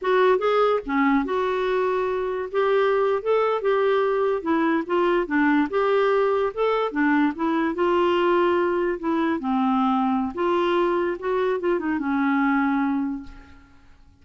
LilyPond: \new Staff \with { instrumentName = "clarinet" } { \time 4/4 \tempo 4 = 145 fis'4 gis'4 cis'4 fis'4~ | fis'2 g'4.~ g'16 a'16~ | a'8. g'2 e'4 f'16~ | f'8. d'4 g'2 a'16~ |
a'8. d'4 e'4 f'4~ f'16~ | f'4.~ f'16 e'4 c'4~ c'16~ | c'4 f'2 fis'4 | f'8 dis'8 cis'2. | }